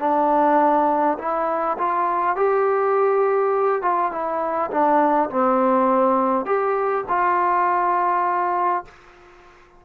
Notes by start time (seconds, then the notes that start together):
0.00 D4
1.19 E4
1.78 F4
2.36 G4
3.82 F4
4.11 E4
4.71 D4
5.30 C4
6.46 G4
7.09 F4